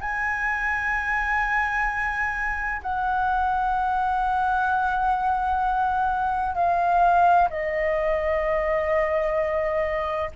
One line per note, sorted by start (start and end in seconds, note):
0.00 2.81 G#5
2.82 6.55 F#5
6.55 7.48 F5
7.50 10.31 D#5